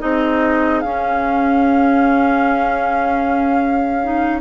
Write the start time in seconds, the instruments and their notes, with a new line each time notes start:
0.00 bassoon C4, clarinet D#4, oboe G#4, flute D#5
0.81 bassoon C#4, clarinet C#4, flute F5
4.04 clarinet D#4